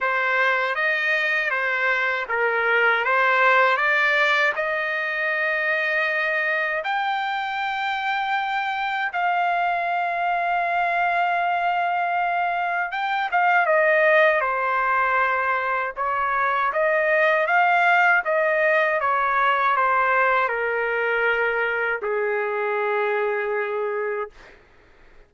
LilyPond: \new Staff \with { instrumentName = "trumpet" } { \time 4/4 \tempo 4 = 79 c''4 dis''4 c''4 ais'4 | c''4 d''4 dis''2~ | dis''4 g''2. | f''1~ |
f''4 g''8 f''8 dis''4 c''4~ | c''4 cis''4 dis''4 f''4 | dis''4 cis''4 c''4 ais'4~ | ais'4 gis'2. | }